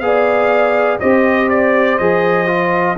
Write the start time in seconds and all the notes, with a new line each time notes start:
0.00 B3 G#4 D5 F5
1.00 C4 G4 C5 D#5
1.50 D5
1.99 F3 G#4 D#5
2.48 F4